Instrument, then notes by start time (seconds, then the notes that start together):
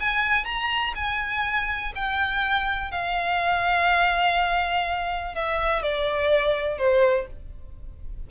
violin
0.00 G#5
0.45 A#5
0.95 G#5
1.95 G5
2.91 F5
5.35 E5
5.83 D5
6.78 C5